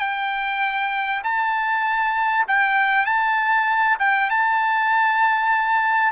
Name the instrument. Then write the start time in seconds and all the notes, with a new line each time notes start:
trumpet
0.00 G5
1.24 A5
2.48 G5
3.06 A5
4.00 G5
4.31 A5